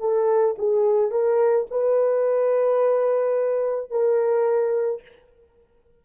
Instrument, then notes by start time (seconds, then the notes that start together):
horn
0.00 A4
0.58 G#4
1.11 A#4
1.71 B4
3.91 A#4